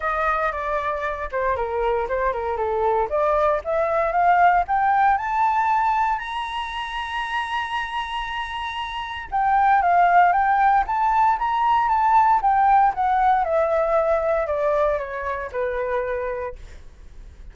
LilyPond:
\new Staff \with { instrumentName = "flute" } { \time 4/4 \tempo 4 = 116 dis''4 d''4. c''8 ais'4 | c''8 ais'8 a'4 d''4 e''4 | f''4 g''4 a''2 | ais''1~ |
ais''2 g''4 f''4 | g''4 a''4 ais''4 a''4 | g''4 fis''4 e''2 | d''4 cis''4 b'2 | }